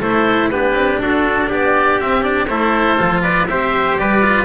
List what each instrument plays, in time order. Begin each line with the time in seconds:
0.00 double bass A3, cello E4, trumpet A4, oboe C5
0.50 double bass B3, cello D4, trumpet G4, oboe B4
0.73 double bass C4
0.99 double bass D4, trumpet F#4, oboe A4
1.49 double bass B3, trumpet G4, oboe D5
2.00 cello C4, double bass C4, oboe E5
2.22 cello D4, oboe D5
2.47 double bass A3, cello E4, trumpet A4, oboe C5
2.98 double bass F3, cello F4
3.22 trumpet B4, oboe D5
3.47 double bass C4, cello G4, trumpet C5, oboe E5
3.97 double bass G3, trumpet B4, oboe D5
4.22 cello F4